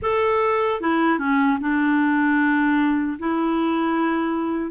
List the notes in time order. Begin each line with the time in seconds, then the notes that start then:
0.02 A4
0.80 E4
1.18 C#4
1.60 D4
3.19 E4